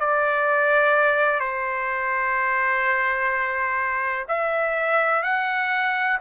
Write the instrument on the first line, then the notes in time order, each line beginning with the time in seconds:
trumpet
0.00 D5
1.40 C5
4.29 E5
5.23 F#5